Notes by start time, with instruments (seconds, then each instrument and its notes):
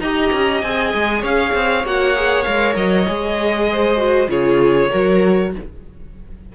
0.00 cello D#4, viola G4, violin D#5 A#5
0.33 cello C#4
0.62 cello C4, viola G#4, violin G#5
0.94 cello G#3
1.21 cello C#4, violin C#5 F5
1.54 cello C4
1.84 cello A#3, viola F#4, violin F#5
2.16 viola G#4
2.43 cello G#3, viola A#4, violin F5
2.76 cello F#3, violin D#5
3.07 cello G#3, viola G#4
3.72 violin C5
3.97 viola F#4
4.28 cello C#3, viola F4, violin G#4 C#5
4.91 cello F#3, viola F#4, violin A#4